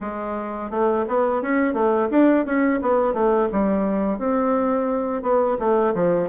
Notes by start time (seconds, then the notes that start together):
0.00 G#3
0.70 A3
1.08 B3
1.41 C#4
1.73 A3
2.11 D4
2.45 C#4
2.81 B3
3.13 A3
3.52 G3
4.18 C4
5.22 B3
5.59 A3
5.94 F3